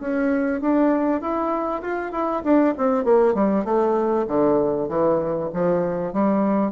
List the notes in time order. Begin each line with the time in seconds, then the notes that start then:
0.00 C#4
0.61 D4
1.21 E4
1.82 F4
2.12 E4
2.44 D4
2.78 C4
3.04 A#3
3.34 G3
3.65 A3
4.27 D3
4.89 E3
5.54 F3
6.13 G3